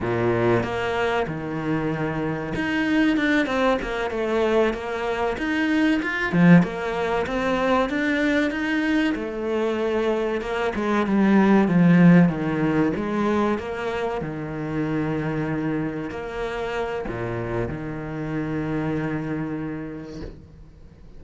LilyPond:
\new Staff \with { instrumentName = "cello" } { \time 4/4 \tempo 4 = 95 ais,4 ais4 dis2 | dis'4 d'8 c'8 ais8 a4 ais8~ | ais8 dis'4 f'8 f8 ais4 c'8~ | c'8 d'4 dis'4 a4.~ |
a8 ais8 gis8 g4 f4 dis8~ | dis8 gis4 ais4 dis4.~ | dis4. ais4. ais,4 | dis1 | }